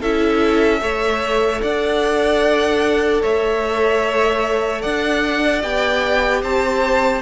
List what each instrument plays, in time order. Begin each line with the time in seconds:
0.00 cello C#4, viola E4, violin A4 E5
0.81 cello A3, viola A4, violin C#5
1.62 cello D4, violin D5 F#5
3.22 cello A3, violin C#5 E5
4.81 cello D4, violin D5 F#5
5.62 cello B3, viola G4, violin G5
6.42 cello C4, violin C5 A5